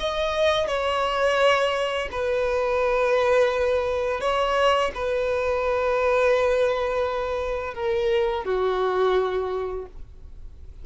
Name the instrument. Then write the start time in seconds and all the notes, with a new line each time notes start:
violin
0.00 D#5
0.68 C#5
2.12 B4
4.21 C#5
4.95 B4
7.75 A#4
8.45 F#4